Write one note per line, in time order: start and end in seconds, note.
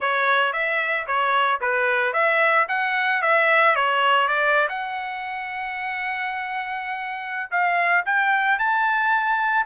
0.00 0.52 C#5
0.52 1.06 E5
1.06 1.60 C#5
1.60 2.13 B4
2.13 2.66 E5
2.68 3.21 F#5
3.22 3.75 E5
3.75 4.27 C#5
4.27 4.68 D5
4.68 7.50 F#5
7.50 8.04 F5
8.05 8.58 G5
8.58 9.66 A5